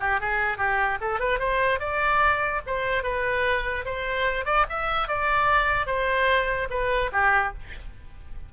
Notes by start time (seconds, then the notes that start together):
0.00 G4
0.20 G#4
0.58 G4
1.01 A4
1.20 B4
1.39 C5
1.80 D5
2.67 C5
3.03 B4
3.86 C5
4.45 D5
4.69 E5
5.08 D5
5.87 C5
6.70 B4
7.12 G4